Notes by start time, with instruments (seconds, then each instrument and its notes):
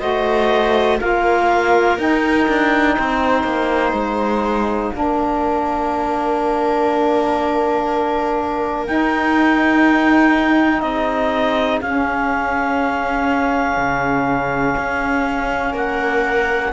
0.00 cello A3, saxophone F#4, viola C5, clarinet D#5
1.00 cello A#3, saxophone F4, viola A#4, clarinet F5
1.98 cello D#4, saxophone D#4, clarinet G5
2.48 cello D4
2.97 cello C4, viola C5
3.44 cello A#3
3.93 cello G#3, clarinet F5
4.93 cello A#3, saxophone D4, viola A#4
8.87 saxophone D#4, cello D#4, clarinet G5
10.81 cello C4, viola G#4, clarinet D#5
11.82 cello C#4, saxophone C#4, clarinet F5
13.77 cello C#3
14.78 cello C#4
15.73 cello A#3, viola A#4, clarinet F#5